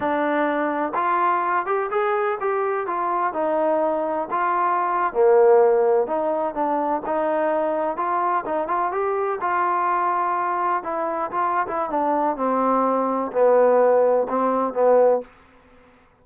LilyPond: \new Staff \with { instrumentName = "trombone" } { \time 4/4 \tempo 4 = 126 d'2 f'4. g'8 | gis'4 g'4 f'4 dis'4~ | dis'4 f'4.~ f'16 ais4~ ais16~ | ais8. dis'4 d'4 dis'4~ dis'16~ |
dis'8. f'4 dis'8 f'8 g'4 f'16~ | f'2~ f'8. e'4 f'16~ | f'8 e'8 d'4 c'2 | b2 c'4 b4 | }